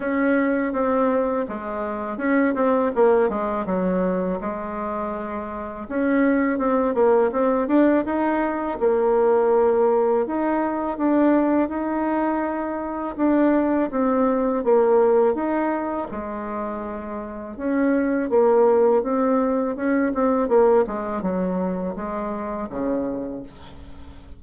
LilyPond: \new Staff \with { instrumentName = "bassoon" } { \time 4/4 \tempo 4 = 82 cis'4 c'4 gis4 cis'8 c'8 | ais8 gis8 fis4 gis2 | cis'4 c'8 ais8 c'8 d'8 dis'4 | ais2 dis'4 d'4 |
dis'2 d'4 c'4 | ais4 dis'4 gis2 | cis'4 ais4 c'4 cis'8 c'8 | ais8 gis8 fis4 gis4 cis4 | }